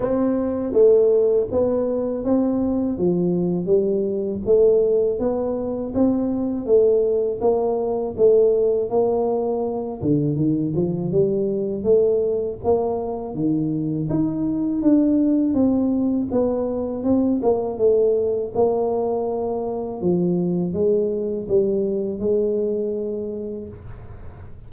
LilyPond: \new Staff \with { instrumentName = "tuba" } { \time 4/4 \tempo 4 = 81 c'4 a4 b4 c'4 | f4 g4 a4 b4 | c'4 a4 ais4 a4 | ais4. d8 dis8 f8 g4 |
a4 ais4 dis4 dis'4 | d'4 c'4 b4 c'8 ais8 | a4 ais2 f4 | gis4 g4 gis2 | }